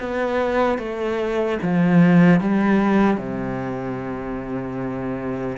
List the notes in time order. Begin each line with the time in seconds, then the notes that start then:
0.00 B3
0.79 A3
1.63 F3
2.41 G3
3.17 C3